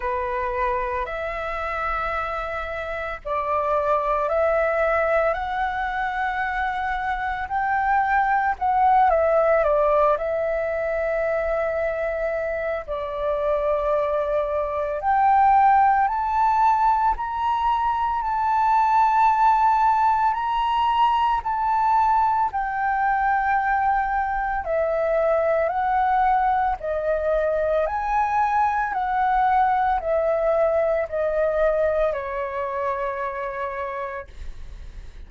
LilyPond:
\new Staff \with { instrumentName = "flute" } { \time 4/4 \tempo 4 = 56 b'4 e''2 d''4 | e''4 fis''2 g''4 | fis''8 e''8 d''8 e''2~ e''8 | d''2 g''4 a''4 |
ais''4 a''2 ais''4 | a''4 g''2 e''4 | fis''4 dis''4 gis''4 fis''4 | e''4 dis''4 cis''2 | }